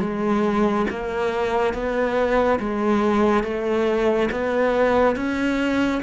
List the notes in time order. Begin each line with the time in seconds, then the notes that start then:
0.00 G#3
0.90 A#3
1.73 B3
2.59 G#3
3.44 A3
4.31 B3
5.16 C#4